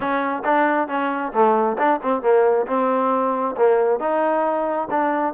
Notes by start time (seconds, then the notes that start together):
0.00 C#4
0.44 D4
0.87 C#4
1.32 A3
1.78 D4
2.02 C4
2.22 A#3
2.66 C4
3.56 A#3
3.99 D#4
4.90 D4